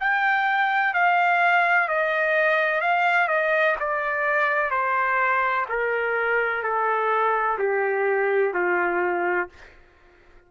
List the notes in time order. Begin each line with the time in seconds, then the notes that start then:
0.00 G5
0.94 F5
1.88 D#5
2.81 F5
3.28 D#5
3.80 D5
4.71 C5
5.69 A#4
6.63 A4
7.58 G4
8.54 F4